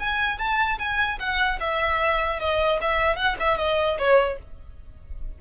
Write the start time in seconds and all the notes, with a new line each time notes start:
0.00 G#5
0.39 A5
0.79 G#5
1.20 F#5
1.60 E5
2.40 D#5
2.82 E5
3.17 F#5
3.40 E5
3.58 D#5
3.99 C#5